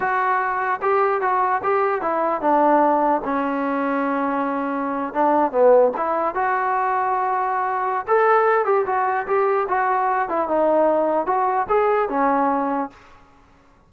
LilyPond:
\new Staff \with { instrumentName = "trombone" } { \time 4/4 \tempo 4 = 149 fis'2 g'4 fis'4 | g'4 e'4 d'2 | cis'1~ | cis'8. d'4 b4 e'4 fis'16~ |
fis'1 | a'4. g'8 fis'4 g'4 | fis'4. e'8 dis'2 | fis'4 gis'4 cis'2 | }